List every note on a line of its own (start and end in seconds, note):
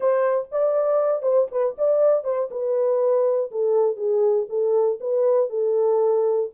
0.00 0.48 C5
0.51 1.22 D5
1.22 1.47 C5
1.51 1.76 B4
1.77 2.24 D5
2.24 2.49 C5
2.50 3.50 B4
3.51 3.96 A4
3.96 4.46 G#4
4.49 4.99 A4
5.00 5.49 B4
5.49 6.49 A4